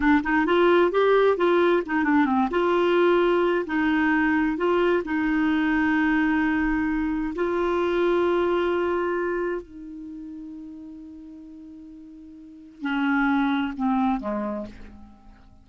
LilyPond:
\new Staff \with { instrumentName = "clarinet" } { \time 4/4 \tempo 4 = 131 d'8 dis'8 f'4 g'4 f'4 | dis'8 d'8 c'8 f'2~ f'8 | dis'2 f'4 dis'4~ | dis'1 |
f'1~ | f'4 dis'2.~ | dis'1 | cis'2 c'4 gis4 | }